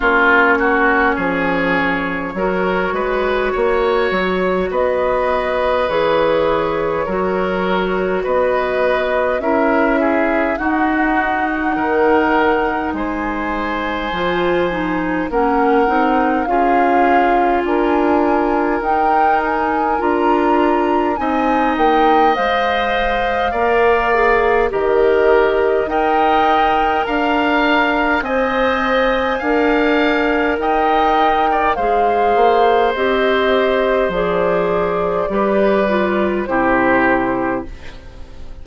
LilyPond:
<<
  \new Staff \with { instrumentName = "flute" } { \time 4/4 \tempo 4 = 51 cis''1 | dis''4 cis''2 dis''4 | e''4 fis''2 gis''4~ | gis''4 fis''4 f''4 gis''4 |
g''8 gis''8 ais''4 gis''8 g''8 f''4~ | f''4 dis''4 g''4 ais''4 | gis''2 g''4 f''4 | dis''4 d''2 c''4 | }
  \new Staff \with { instrumentName = "oboe" } { \time 4/4 f'8 fis'8 gis'4 ais'8 b'8 cis''4 | b'2 ais'4 b'4 | ais'8 gis'8 fis'4 ais'4 c''4~ | c''4 ais'4 gis'4 ais'4~ |
ais'2 dis''2 | d''4 ais'4 dis''4 f''4 | dis''4 f''4 dis''8. d''16 c''4~ | c''2 b'4 g'4 | }
  \new Staff \with { instrumentName = "clarinet" } { \time 4/4 cis'2 fis'2~ | fis'4 gis'4 fis'2 | e'4 dis'2. | f'8 dis'8 cis'8 dis'8 f'2 |
dis'4 f'4 dis'4 c''4 | ais'8 gis'8 g'4 ais'2 | c''4 ais'2 gis'4 | g'4 gis'4 g'8 f'8 e'4 | }
  \new Staff \with { instrumentName = "bassoon" } { \time 4/4 ais4 f4 fis8 gis8 ais8 fis8 | b4 e4 fis4 b4 | cis'4 dis'4 dis4 gis4 | f4 ais8 c'8 cis'4 d'4 |
dis'4 d'4 c'8 ais8 gis4 | ais4 dis4 dis'4 d'4 | c'4 d'4 dis'4 gis8 ais8 | c'4 f4 g4 c4 | }
>>